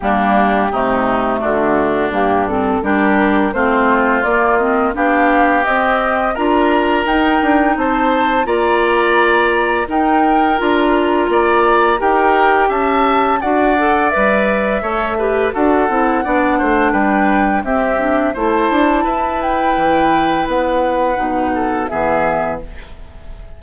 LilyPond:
<<
  \new Staff \with { instrumentName = "flute" } { \time 4/4 \tempo 4 = 85 g'2 fis'4 g'8 a'8 | ais'4 c''4 d''8 dis''8 f''4 | dis''4 ais''4 g''4 a''4 | ais''2 g''4 ais''4~ |
ais''4 g''4 a''4 fis''4 | e''2 fis''2 | g''4 e''4 a''4. g''8~ | g''4 fis''2 e''4 | }
  \new Staff \with { instrumentName = "oboe" } { \time 4/4 d'4 dis'4 d'2 | g'4 f'2 g'4~ | g'4 ais'2 c''4 | d''2 ais'2 |
d''4 ais'4 e''4 d''4~ | d''4 cis''8 b'8 a'4 d''8 c''8 | b'4 g'4 c''4 b'4~ | b'2~ b'8 a'8 gis'4 | }
  \new Staff \with { instrumentName = "clarinet" } { \time 4/4 ais4 a2 ais8 c'8 | d'4 c'4 ais8 c'8 d'4 | c'4 f'4 dis'2 | f'2 dis'4 f'4~ |
f'4 g'2 fis'8 a'8 | b'4 a'8 g'8 fis'8 e'8 d'4~ | d'4 c'8 d'8 e'2~ | e'2 dis'4 b4 | }
  \new Staff \with { instrumentName = "bassoon" } { \time 4/4 g4 c4 d4 g,4 | g4 a4 ais4 b4 | c'4 d'4 dis'8 d'8 c'4 | ais2 dis'4 d'4 |
ais4 dis'4 cis'4 d'4 | g4 a4 d'8 c'8 b8 a8 | g4 c'4 a8 d'8 e'4 | e4 b4 b,4 e4 | }
>>